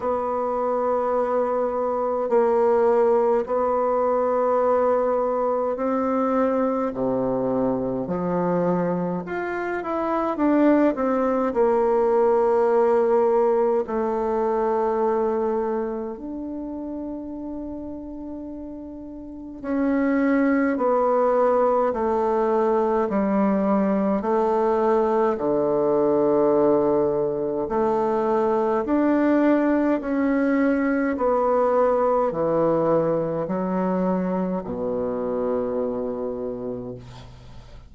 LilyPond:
\new Staff \with { instrumentName = "bassoon" } { \time 4/4 \tempo 4 = 52 b2 ais4 b4~ | b4 c'4 c4 f4 | f'8 e'8 d'8 c'8 ais2 | a2 d'2~ |
d'4 cis'4 b4 a4 | g4 a4 d2 | a4 d'4 cis'4 b4 | e4 fis4 b,2 | }